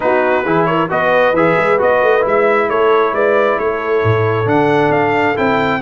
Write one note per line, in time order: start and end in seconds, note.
0.00 0.45 B3
0.00 0.44 D#4
0.00 0.44 F#4
0.00 0.65 B4
0.44 0.90 E3
0.44 0.89 E4
0.44 0.66 G#4
0.65 0.90 A#4
0.65 0.87 C#5
0.89 1.32 B3
0.89 1.34 F#4
0.89 2.69 B4
0.89 1.35 D#5
1.32 1.55 E3
1.32 1.78 G#4
1.32 1.80 E5
1.57 1.80 G#3
1.78 2.02 B3
1.78 2.20 F#4
1.78 2.26 D#5
2.02 2.24 A3
2.20 2.70 G#3
2.20 4.44 E4
2.27 2.69 E5
2.69 3.12 A3
2.69 3.13 A4
2.69 3.14 C#5
3.12 3.57 G#3
3.12 3.58 B4
3.12 3.58 D5
3.57 4.02 A3
3.57 5.81 A4
3.57 4.48 C#5
4.03 4.45 A2
4.45 4.89 D3
4.45 5.35 D4
4.45 4.91 F#5
4.89 5.34 D4
4.89 5.36 F5
5.35 5.81 C4
5.35 5.80 E4
5.35 5.81 G5